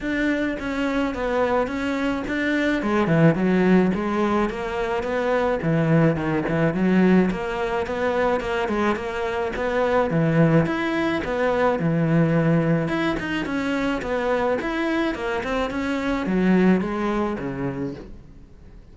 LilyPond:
\new Staff \with { instrumentName = "cello" } { \time 4/4 \tempo 4 = 107 d'4 cis'4 b4 cis'4 | d'4 gis8 e8 fis4 gis4 | ais4 b4 e4 dis8 e8 | fis4 ais4 b4 ais8 gis8 |
ais4 b4 e4 e'4 | b4 e2 e'8 dis'8 | cis'4 b4 e'4 ais8 c'8 | cis'4 fis4 gis4 cis4 | }